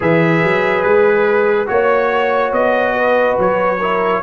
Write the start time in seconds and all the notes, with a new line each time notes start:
0.00 E3 G#4 B4 E5
0.43 F#3
0.83 G#3 B4
1.66 A#3 F#4 C#5
2.52 B3 D#5
2.96 B4
3.38 F#3 C#5
3.79 E4 A#4